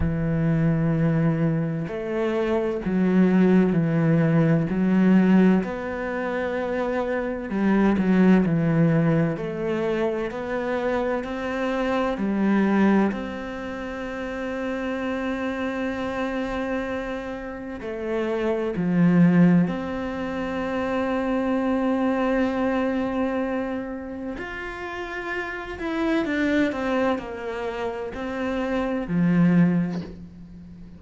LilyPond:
\new Staff \with { instrumentName = "cello" } { \time 4/4 \tempo 4 = 64 e2 a4 fis4 | e4 fis4 b2 | g8 fis8 e4 a4 b4 | c'4 g4 c'2~ |
c'2. a4 | f4 c'2.~ | c'2 f'4. e'8 | d'8 c'8 ais4 c'4 f4 | }